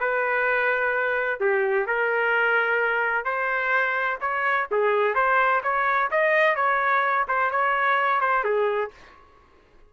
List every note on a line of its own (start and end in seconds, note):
0.00 1.40 B4
1.40 1.86 G4
1.86 3.25 A#4
3.25 4.18 C5
4.21 4.67 C#5
4.71 5.14 G#4
5.14 5.61 C5
5.63 6.10 C#5
6.11 6.55 D#5
6.55 7.26 C#5
7.28 7.51 C5
7.51 8.21 C#5
8.21 8.44 C5
8.44 8.91 G#4